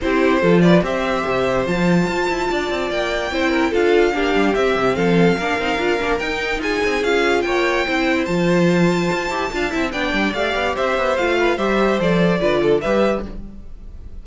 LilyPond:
<<
  \new Staff \with { instrumentName = "violin" } { \time 4/4 \tempo 4 = 145 c''4. d''8 e''2 | a''2. g''4~ | g''4 f''2 e''4 | f''2. g''4 |
gis''4 f''4 g''2 | a''1 | g''4 f''4 e''4 f''4 | e''4 d''2 e''4 | }
  \new Staff \with { instrumentName = "violin" } { \time 4/4 g'4 a'8 b'8 c''2~ | c''2 d''2 | c''8 ais'8 a'4 g'2 | a'4 ais'2. |
gis'2 cis''4 c''4~ | c''2. f''8 e''8 | d''2 c''4. b'8 | c''2 b'8 a'8 b'4 | }
  \new Staff \with { instrumentName = "viola" } { \time 4/4 e'4 f'4 g'2 | f'1 | e'4 f'4 d'4 c'4~ | c'4 d'8 dis'8 f'8 d'8 dis'4~ |
dis'4 f'2 e'4 | f'2~ f'8 g'8 f'8 e'8 | d'4 g'2 f'4 | g'4 a'4 f'4 g'4 | }
  \new Staff \with { instrumentName = "cello" } { \time 4/4 c'4 f4 c'4 c4 | f4 f'8 e'8 d'8 c'8 ais4 | c'4 d'4 ais8 g8 c'8 c8 | f4 ais8 c'8 d'8 ais8 dis'4 |
f'8 c'8 cis'4 ais4 c'4 | f2 f'8 e'8 d'8 c'8 | b8 g8 a8 b8 c'8 b8 a4 | g4 f4 d4 g4 | }
>>